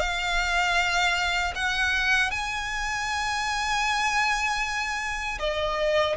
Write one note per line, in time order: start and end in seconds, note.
0.00 1.54 F5
1.56 2.31 F#5
2.31 5.39 G#5
5.40 6.17 D#5